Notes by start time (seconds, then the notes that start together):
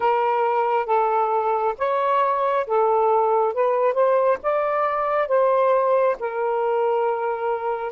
0.00 A#4
0.86 A4
1.78 C#5
2.67 A4
3.53 B4
3.93 C5
4.42 D5
5.27 C5
6.19 A#4